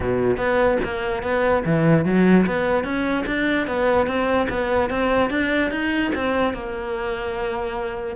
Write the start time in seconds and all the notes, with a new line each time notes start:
0.00 B2
0.37 B3
0.84 A#3
1.22 B3
1.65 E3
2.05 F#3
2.46 B3
2.84 C#4
3.26 D4
3.67 B3
4.06 C4
4.49 B3
4.90 C4
5.29 D4
5.71 D#4
6.14 C4
6.53 A#3